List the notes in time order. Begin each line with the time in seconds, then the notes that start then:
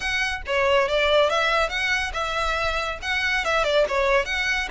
0.00 F#5
0.46 C#5
0.88 D5
1.29 E5
1.69 F#5
2.13 E5
3.01 F#5
3.44 E5
3.64 D5
3.88 C#5
4.25 F#5